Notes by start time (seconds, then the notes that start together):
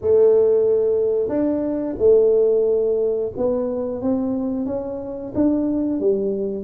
0.01 A3
1.28 D4
1.98 A3
3.36 B3
4.01 C4
4.65 C#4
5.35 D4
5.99 G3